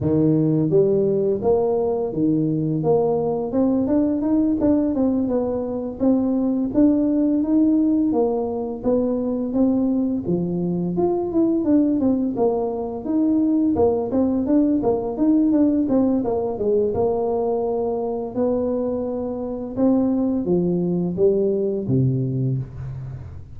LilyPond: \new Staff \with { instrumentName = "tuba" } { \time 4/4 \tempo 4 = 85 dis4 g4 ais4 dis4 | ais4 c'8 d'8 dis'8 d'8 c'8 b8~ | b8 c'4 d'4 dis'4 ais8~ | ais8 b4 c'4 f4 f'8 |
e'8 d'8 c'8 ais4 dis'4 ais8 | c'8 d'8 ais8 dis'8 d'8 c'8 ais8 gis8 | ais2 b2 | c'4 f4 g4 c4 | }